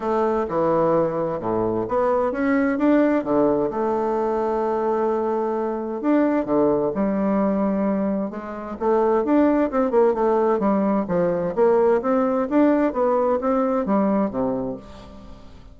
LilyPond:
\new Staff \with { instrumentName = "bassoon" } { \time 4/4 \tempo 4 = 130 a4 e2 a,4 | b4 cis'4 d'4 d4 | a1~ | a4 d'4 d4 g4~ |
g2 gis4 a4 | d'4 c'8 ais8 a4 g4 | f4 ais4 c'4 d'4 | b4 c'4 g4 c4 | }